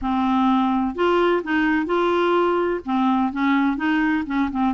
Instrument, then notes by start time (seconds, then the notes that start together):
clarinet
0.01 C4
0.95 F4
1.43 D#4
1.86 F4
2.85 C4
3.32 C#4
3.76 D#4
4.26 C#4
4.51 C4